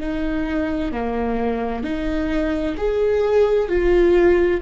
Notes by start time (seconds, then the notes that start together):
0.00 D#4
0.92 A#3
1.84 D#4
2.77 G#4
3.69 F4